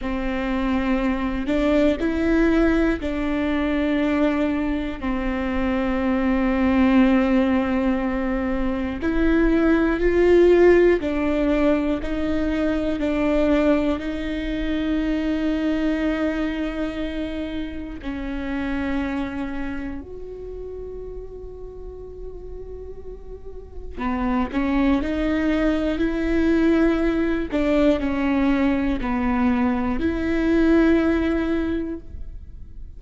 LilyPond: \new Staff \with { instrumentName = "viola" } { \time 4/4 \tempo 4 = 60 c'4. d'8 e'4 d'4~ | d'4 c'2.~ | c'4 e'4 f'4 d'4 | dis'4 d'4 dis'2~ |
dis'2 cis'2 | fis'1 | b8 cis'8 dis'4 e'4. d'8 | cis'4 b4 e'2 | }